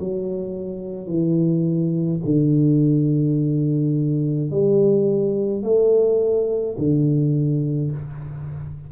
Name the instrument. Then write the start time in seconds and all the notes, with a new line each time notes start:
tuba
0.00 F#3
1.07 E3
2.25 D3
4.51 G3
5.63 A3
6.79 D3